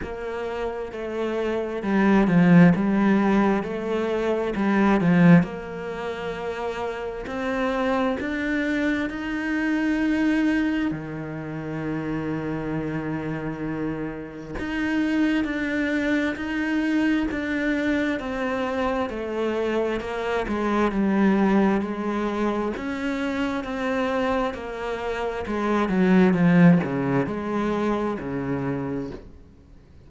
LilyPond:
\new Staff \with { instrumentName = "cello" } { \time 4/4 \tempo 4 = 66 ais4 a4 g8 f8 g4 | a4 g8 f8 ais2 | c'4 d'4 dis'2 | dis1 |
dis'4 d'4 dis'4 d'4 | c'4 a4 ais8 gis8 g4 | gis4 cis'4 c'4 ais4 | gis8 fis8 f8 cis8 gis4 cis4 | }